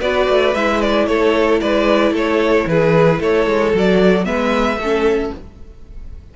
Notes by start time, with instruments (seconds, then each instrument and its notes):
0.00 cello B3, viola F#4, violin B4 D5
0.30 cello A3
0.55 cello G#3, viola E4, violin E5
0.81 violin D5
1.07 cello A3, violin A4 C#5
1.61 cello G#3, violin B4 D5
2.11 cello A3, violin A4 C#5
2.67 cello E3, violin G#4 B4
3.19 cello A3, violin A4 C#5
3.47 cello G#3
3.73 cello F#3, viola F#4, violin D5
4.25 cello G#3, viola B3, violin B4 E5
4.77 cello A3, violin A4
4.84 viola C#4